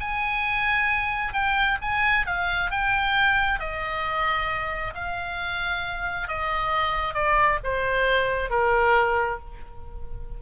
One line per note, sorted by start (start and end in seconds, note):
0.00 1.33 G#5
1.33 1.78 G5
1.82 2.26 G#5
2.26 2.71 F5
2.71 3.59 G5
3.59 4.94 D#5
4.95 6.28 F5
6.28 7.14 D#5
7.14 7.59 D5
7.63 8.50 C5
8.50 9.39 A#4